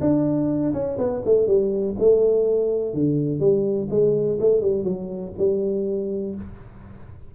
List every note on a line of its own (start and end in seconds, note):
0.00 0.73 D4
0.73 0.97 C#4
0.98 1.22 B3
1.25 1.47 A3
1.47 1.95 G3
1.99 2.94 A3
2.94 3.39 D3
3.39 3.88 G3
3.90 4.38 G#3
4.40 4.61 A3
4.61 4.84 G3
4.84 5.32 F#3
5.38 6.35 G3